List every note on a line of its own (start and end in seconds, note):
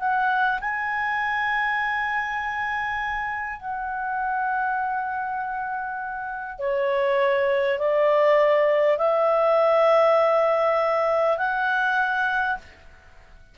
0.00 0.60 F#5
0.61 3.60 G#5
3.60 6.59 F#5
6.59 7.79 C#5
7.79 8.98 D5
8.98 11.38 E5
11.38 12.58 F#5